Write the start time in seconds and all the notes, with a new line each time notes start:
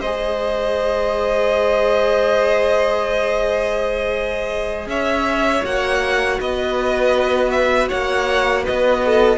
0.00 G#3 G#4 C5 D#5
4.87 C#4 C#5 E5
5.64 A#3 F#4 F#5
6.40 B3 B4 D#5
7.50 E5
7.88 A#3 C#5 F#5
8.63 B3 B4 D#5
9.05 A4